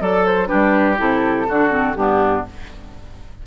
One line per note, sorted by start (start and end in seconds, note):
0.00 0.50 F#3
0.00 0.47 A4
0.00 0.48 A4
0.00 0.25 D5
0.25 0.47 C5
0.47 0.99 G3
0.47 0.96 D4
0.47 1.47 G4
0.47 0.96 B4
0.97 1.48 C3
0.97 1.46 E4
0.97 1.94 A4
1.48 1.95 D3
1.48 1.70 D4
1.48 1.97 F#4
1.70 1.95 C4
1.94 2.44 G2
1.94 2.46 B3
1.94 2.46 D4
1.94 2.43 G4